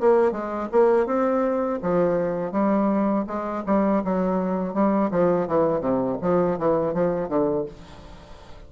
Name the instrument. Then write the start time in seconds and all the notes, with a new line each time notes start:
bassoon
0.00 A#3
0.32 G#3
0.72 A#3
1.06 C4
1.82 F3
2.52 G3
3.27 G#3
3.66 G3
4.04 F#3
4.74 G3
5.11 F3
5.47 E3
5.80 C3
6.21 F3
6.58 E3
6.93 F3
7.28 D3